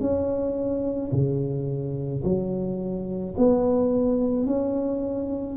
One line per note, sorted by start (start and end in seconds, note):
0.00 1.11 C#4
1.12 2.23 C#3
2.23 3.34 F#3
3.37 4.46 B3
4.46 5.57 C#4